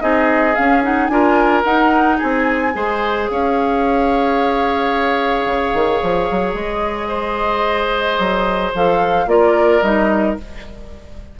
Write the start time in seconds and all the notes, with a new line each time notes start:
0.00 C4 D#4 G#4 D#5
0.55 C#4 F5
0.83 D#4 F#5
1.07 D4 F4 A#4 G#5
1.64 D#4 F#5
2.17 C4 G#4 G#5
2.74 G#3 G#4 C5
3.28 C#4 C#5 F5
5.46 C#3
5.74 D#3
6.02 F3
6.31 F#3
6.54 G#3 D#5
7.08 C5
8.19 F#3
8.74 F3 A4 F5
9.26 A#3 F4 A#4 D5
9.82 G3 D#4 D#5